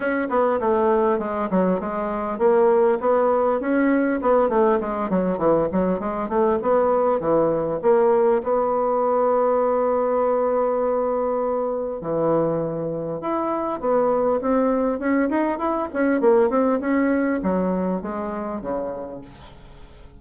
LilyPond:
\new Staff \with { instrumentName = "bassoon" } { \time 4/4 \tempo 4 = 100 cis'8 b8 a4 gis8 fis8 gis4 | ais4 b4 cis'4 b8 a8 | gis8 fis8 e8 fis8 gis8 a8 b4 | e4 ais4 b2~ |
b1 | e2 e'4 b4 | c'4 cis'8 dis'8 e'8 cis'8 ais8 c'8 | cis'4 fis4 gis4 cis4 | }